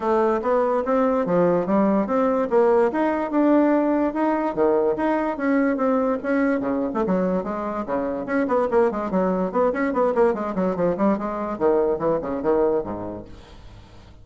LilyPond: \new Staff \with { instrumentName = "bassoon" } { \time 4/4 \tempo 4 = 145 a4 b4 c'4 f4 | g4 c'4 ais4 dis'4 | d'2 dis'4 dis4 | dis'4 cis'4 c'4 cis'4 |
cis8. a16 fis4 gis4 cis4 | cis'8 b8 ais8 gis8 fis4 b8 cis'8 | b8 ais8 gis8 fis8 f8 g8 gis4 | dis4 e8 cis8 dis4 gis,4 | }